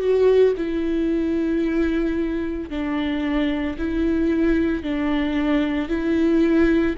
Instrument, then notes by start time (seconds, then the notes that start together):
viola
0.00 F#4
0.57 E4
2.70 D4
3.78 E4
4.83 D4
5.89 E4